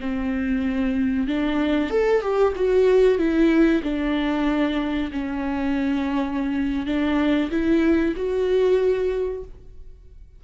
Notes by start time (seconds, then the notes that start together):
0.00 C4
1.27 D4
1.90 A4
2.21 G4
2.56 F#4
3.18 E4
3.83 D4
5.12 C#4
6.86 D4
7.51 E4
8.16 F#4